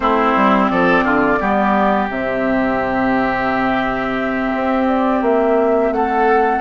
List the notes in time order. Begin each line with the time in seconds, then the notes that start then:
0.00 A3 C4 E4 C5
0.35 G3
0.68 F3 A4 D5
1.03 D3 F4
1.39 G3 B3 G4
2.09 C3 C4 E5
4.53 C4
4.87 D5
5.21 A#3 E5
5.91 A3 A4 F#5